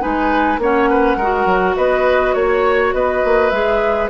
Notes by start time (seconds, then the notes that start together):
0.00 G#3 D#4 B4 G#5
0.58 A#3 C#4 C#5 F#5
0.90 B4
1.16 G#3 F#4 A#4
1.45 F#3
1.76 B3 B4 D#5
2.34 A#3 C#5
2.93 B3 B4 D#5
3.25 A#3
3.50 G#3 G#4 E5